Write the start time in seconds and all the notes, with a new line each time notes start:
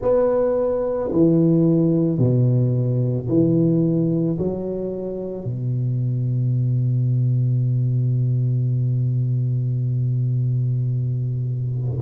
0.01 B3
1.12 E3
2.18 B2
3.28 E3
4.38 F#3
5.44 B2